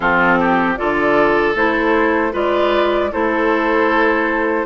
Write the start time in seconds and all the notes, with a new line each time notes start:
0.00 F3 C4 F4 A4
0.39 G4
0.76 D3 F4 A4 D5
1.55 A3 E4 C5
2.31 G#3 F4 B4 D5
3.12 A3 E4 A4 C5